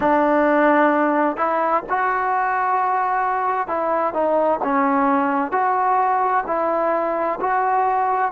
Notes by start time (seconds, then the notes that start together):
0.00 D4
1.36 E4
1.89 F#4
3.67 E4
4.13 D#4
4.63 C#4
5.51 F#4
6.46 E4
7.40 F#4